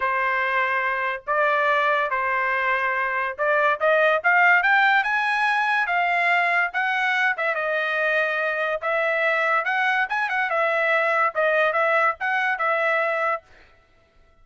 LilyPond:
\new Staff \with { instrumentName = "trumpet" } { \time 4/4 \tempo 4 = 143 c''2. d''4~ | d''4 c''2. | d''4 dis''4 f''4 g''4 | gis''2 f''2 |
fis''4. e''8 dis''2~ | dis''4 e''2 fis''4 | gis''8 fis''8 e''2 dis''4 | e''4 fis''4 e''2 | }